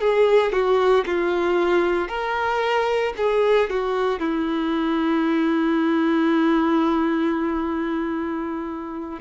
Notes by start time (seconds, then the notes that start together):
0.00 G#4
0.52 F#4
1.05 F4
2.08 A#4
3.17 G#4
3.69 F#4
4.19 E4